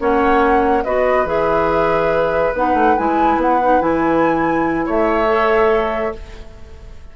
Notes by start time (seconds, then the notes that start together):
0.00 A#3 C#4 C#5 F#5
0.85 B3 F#4 B4 D#5
1.25 E3 G#4 E5
2.54 B3 D#4 F#5
2.74 A3
2.98 G#3 E4 G#5
3.37 B3 F#5
3.62 D#4
3.81 E3 E4 G#5
4.86 A3 C#5 E5
5.28 A4